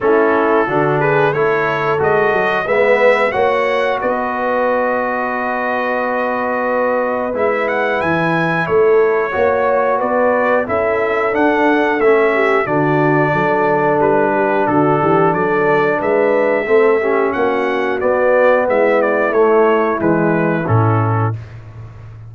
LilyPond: <<
  \new Staff \with { instrumentName = "trumpet" } { \time 4/4 \tempo 4 = 90 a'4. b'8 cis''4 dis''4 | e''4 fis''4 dis''2~ | dis''2. e''8 fis''8 | gis''4 cis''2 d''4 |
e''4 fis''4 e''4 d''4~ | d''4 b'4 a'4 d''4 | e''2 fis''4 d''4 | e''8 d''8 cis''4 b'4 a'4 | }
  \new Staff \with { instrumentName = "horn" } { \time 4/4 e'4 fis'8 gis'8 a'2 | b'4 cis''4 b'2~ | b'1~ | b'4 a'4 cis''4 b'4 |
a'2~ a'8 g'8 fis'4 | a'4. g'8 fis'8 g'8 a'4 | b'4 a'8 g'8 fis'2 | e'1 | }
  \new Staff \with { instrumentName = "trombone" } { \time 4/4 cis'4 d'4 e'4 fis'4 | b4 fis'2.~ | fis'2. e'4~ | e'2 fis'2 |
e'4 d'4 cis'4 d'4~ | d'1~ | d'4 c'8 cis'4. b4~ | b4 a4 gis4 cis'4 | }
  \new Staff \with { instrumentName = "tuba" } { \time 4/4 a4 d4 a4 gis8 fis8 | gis4 ais4 b2~ | b2. gis4 | e4 a4 ais4 b4 |
cis'4 d'4 a4 d4 | fis4 g4 d8 e8 fis4 | gis4 a4 ais4 b4 | gis4 a4 e4 a,4 | }
>>